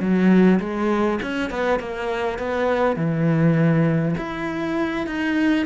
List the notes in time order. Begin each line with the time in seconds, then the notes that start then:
0.00 F#3
0.60 G#3
1.22 C#4
1.50 B3
1.79 A#3
2.38 B3
2.96 E3
4.17 E4
5.07 D#4